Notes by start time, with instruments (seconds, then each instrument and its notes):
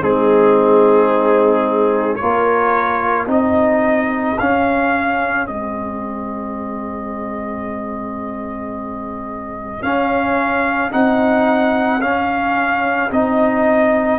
0.00 tuba G#3, trombone C4, horn D#4, trumpet G#4
2.15 trombone F4, trumpet C#5
2.22 tuba A#3, horn A#4
3.27 tuba C4, trombone D#4, horn G#4, trumpet D#5
4.38 tuba C#4, trombone C#4, trumpet F5
5.47 tuba G#3, trombone C4, trumpet D#5
9.82 trombone C#4, tuba C#4, trumpet F5
10.91 tuba C4, trombone D#4, trumpet F#5
12.01 trombone C#4, tuba C#4, trumpet F5
13.11 tuba C4, trombone D#4, trumpet D#5